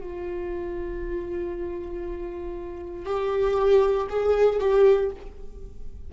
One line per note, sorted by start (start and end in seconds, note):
0.00 3.05 F4
3.05 4.07 G4
4.09 4.59 G#4
4.59 5.10 G4